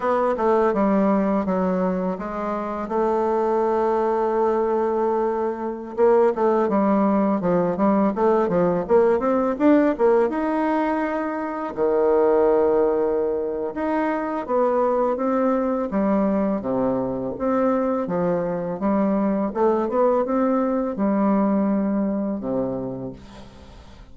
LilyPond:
\new Staff \with { instrumentName = "bassoon" } { \time 4/4 \tempo 4 = 83 b8 a8 g4 fis4 gis4 | a1~ | a16 ais8 a8 g4 f8 g8 a8 f16~ | f16 ais8 c'8 d'8 ais8 dis'4.~ dis'16~ |
dis'16 dis2~ dis8. dis'4 | b4 c'4 g4 c4 | c'4 f4 g4 a8 b8 | c'4 g2 c4 | }